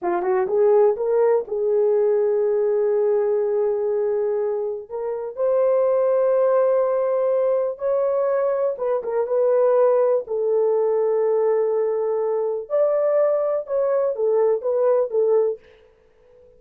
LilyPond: \new Staff \with { instrumentName = "horn" } { \time 4/4 \tempo 4 = 123 f'8 fis'8 gis'4 ais'4 gis'4~ | gis'1~ | gis'2 ais'4 c''4~ | c''1 |
cis''2 b'8 ais'8 b'4~ | b'4 a'2.~ | a'2 d''2 | cis''4 a'4 b'4 a'4 | }